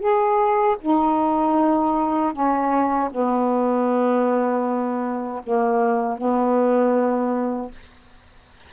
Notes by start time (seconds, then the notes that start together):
0.00 G#4
0.81 D#4
2.33 C#4
3.12 B3
5.44 A#3
6.18 B3